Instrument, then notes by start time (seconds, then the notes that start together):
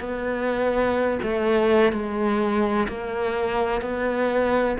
cello
0.00 B3
1.23 A3
1.92 G#3
2.88 A#3
3.81 B3